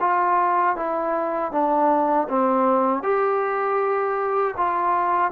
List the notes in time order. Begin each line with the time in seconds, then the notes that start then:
0.00 F4
0.76 E4
1.52 D4
2.29 C4
3.03 G4
4.57 F4